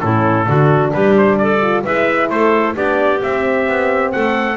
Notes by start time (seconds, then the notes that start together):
0.00 A2 C#4 E4 A4
0.46 D3 D4 F#4
0.93 G3 G4 B4
1.17 C5
1.38 A4 D5
1.61 F4
1.84 G#3 E4 B4 E5
2.30 A3 A4 C5
2.75 B3 D4 G4 D5
3.19 C4 E5
3.68 B3
4.12 A3 A4 F#5